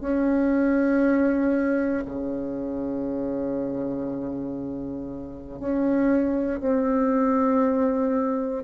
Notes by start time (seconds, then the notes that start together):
0.00 C#4
2.05 C#3
5.59 C#4
6.60 C4